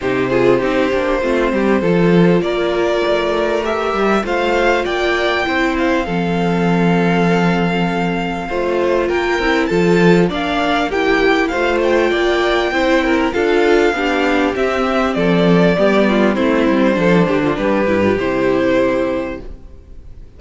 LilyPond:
<<
  \new Staff \with { instrumentName = "violin" } { \time 4/4 \tempo 4 = 99 c''1 | d''2 e''4 f''4 | g''4. f''2~ f''8~ | f''2. g''4 |
a''4 f''4 g''4 f''8 g''8~ | g''2 f''2 | e''4 d''2 c''4~ | c''4 b'4 c''2 | }
  \new Staff \with { instrumentName = "violin" } { \time 4/4 g'8 gis'8 g'4 f'8 g'8 a'4 | ais'2. c''4 | d''4 c''4 a'2~ | a'2 c''4 ais'4 |
a'4 d''4 g'4 c''4 | d''4 c''8 ais'8 a'4 g'4~ | g'4 a'4 g'8 f'8 e'4 | a'8 g'16 f'16 g'2. | }
  \new Staff \with { instrumentName = "viola" } { \time 4/4 dis'8 f'8 dis'8 d'8 c'4 f'4~ | f'2 g'4 f'4~ | f'4 e'4 c'2~ | c'2 f'4. e'8 |
f'4 d'4 e'4 f'4~ | f'4 e'4 f'4 d'4 | c'2 b4 c'4 | d'4. e'16 f'16 e'2 | }
  \new Staff \with { instrumentName = "cello" } { \time 4/4 c4 c'8 ais8 a8 g8 f4 | ais4 a4. g8 a4 | ais4 c'4 f2~ | f2 a4 ais8 c'8 |
f4 ais2 a4 | ais4 c'4 d'4 b4 | c'4 f4 g4 a8 g8 | f8 d8 g8 g,8 c2 | }
>>